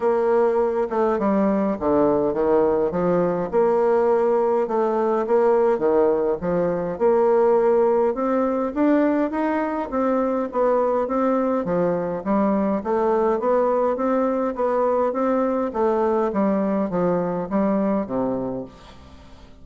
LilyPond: \new Staff \with { instrumentName = "bassoon" } { \time 4/4 \tempo 4 = 103 ais4. a8 g4 d4 | dis4 f4 ais2 | a4 ais4 dis4 f4 | ais2 c'4 d'4 |
dis'4 c'4 b4 c'4 | f4 g4 a4 b4 | c'4 b4 c'4 a4 | g4 f4 g4 c4 | }